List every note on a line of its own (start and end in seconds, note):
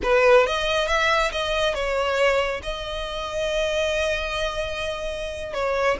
0.02 0.46 B4
0.46 0.87 D#5
0.87 1.31 E5
1.31 1.74 D#5
1.74 2.61 C#5
2.62 5.53 D#5
5.53 5.97 C#5